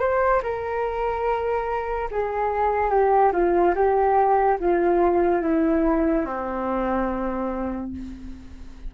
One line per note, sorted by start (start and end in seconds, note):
0.00 0.42 C5
0.43 2.09 A#4
2.11 2.91 G#4
2.91 3.32 G4
3.33 3.75 F4
3.75 4.59 G4
4.60 5.42 F4
5.42 6.26 E4
6.26 7.92 C4